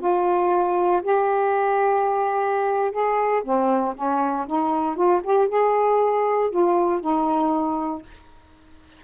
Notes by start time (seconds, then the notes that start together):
0.00 F4
1.03 G4
2.92 G#4
3.43 C4
3.95 C#4
4.47 D#4
4.96 F4
5.24 G4
5.48 G#4
6.50 F4
7.01 D#4